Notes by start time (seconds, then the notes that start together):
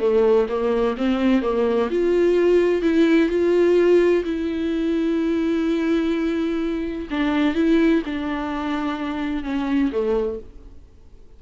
0.00 A3
0.49 A#3
0.97 C4
1.42 A#3
1.91 F4
2.82 E4
3.29 F4
4.25 E4
7.11 D4
7.55 E4
8.06 D4
9.44 C#4
9.92 A3